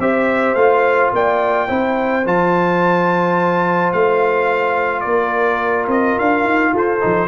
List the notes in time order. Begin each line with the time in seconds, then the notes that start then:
0.00 C4 G4 C5 E5
0.55 A3 F4 F5
1.13 A#3 D5 G5
1.68 C4 E4 C5
2.26 F3 F4 A5
3.93 A3 F5
5.01 A#3 A#4 D5
5.88 C4 D#5
6.19 D4 F5
6.45 D#4
6.73 F4 A4 C5
7.01 F3 D#4